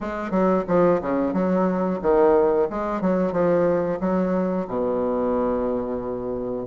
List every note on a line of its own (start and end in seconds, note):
0.00 0.30 G#3
0.30 0.64 F#3
0.67 1.00 F3
1.02 1.33 C#3
1.33 1.99 F#3
2.02 2.68 D#3
2.69 3.01 G#3
3.01 3.32 F#3
3.32 3.98 F3
4.00 4.67 F#3
4.67 6.67 B2